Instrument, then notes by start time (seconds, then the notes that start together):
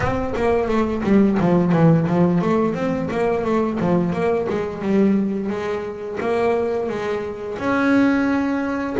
double bass
0.00 C4
0.36 A#3
0.67 A3
1.03 G3
1.39 F3
1.72 E3
2.07 F3
2.41 A3
2.74 C4
3.10 A#3
3.44 A3
3.80 F3
4.13 A#3
4.49 G#3
4.82 G3
5.49 G#3
6.20 A#3
6.89 G#3
7.58 C#4